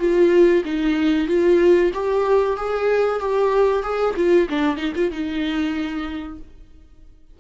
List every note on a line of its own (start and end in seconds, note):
0.00 0.64 F4
0.65 1.28 D#4
1.28 1.92 F4
1.94 2.57 G4
2.57 3.20 G#4
3.20 3.83 G4
3.83 4.15 G#4
4.17 4.49 F4
4.50 4.77 D4
4.77 4.93 D#4
4.96 5.12 F4
5.12 6.39 D#4